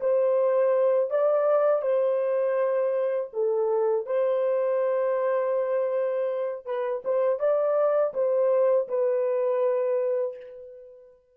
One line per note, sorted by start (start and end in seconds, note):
0.00 1.10 C5
1.10 1.81 D5
1.81 3.30 C5
3.32 4.06 A4
4.06 6.65 C5
6.65 7.02 B4
7.04 7.39 C5
7.39 8.13 D5
8.13 8.87 C5
8.88 10.36 B4